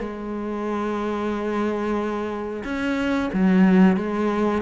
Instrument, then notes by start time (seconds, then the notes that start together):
cello
0.00 G#3
2.64 C#4
3.33 F#3
3.97 G#3